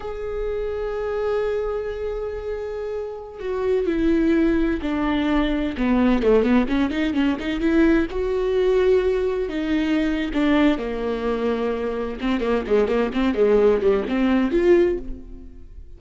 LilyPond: \new Staff \with { instrumentName = "viola" } { \time 4/4 \tempo 4 = 128 gis'1~ | gis'2.~ gis'16 fis'8.~ | fis'16 e'2 d'4.~ d'16~ | d'16 b4 a8 b8 cis'8 dis'8 cis'8 dis'16~ |
dis'16 e'4 fis'2~ fis'8.~ | fis'16 dis'4.~ dis'16 d'4 ais4~ | ais2 c'8 ais8 gis8 ais8 | c'8 gis4 g8 c'4 f'4 | }